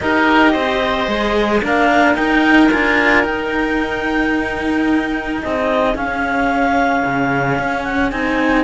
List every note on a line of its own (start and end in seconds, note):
0.00 0.55 D#4
0.00 1.07 G4
0.00 0.52 A#4
0.00 1.61 D#5
0.52 1.07 C4
0.52 1.60 C5
1.07 1.61 G#3
1.07 1.61 G#4
1.61 2.17 A#3
1.61 2.15 D4
1.61 5.41 A#4
1.61 2.15 F5
2.15 2.69 D#4
2.15 2.72 D#4
2.15 2.69 G5
2.70 3.24 D4
2.70 3.23 F4
2.70 3.24 G#5
3.23 5.93 D#4
3.23 5.41 D#4
3.23 5.41 G5
5.41 5.94 C4
5.41 8.64 G#4
5.41 5.96 D#5
5.94 7.02 C#4
5.94 8.11 C#4
5.94 7.83 F5
7.05 7.58 C#3
7.58 8.12 C#4
7.83 8.10 F#5
8.11 8.64 C4
8.11 8.64 D#4
8.11 8.64 G#5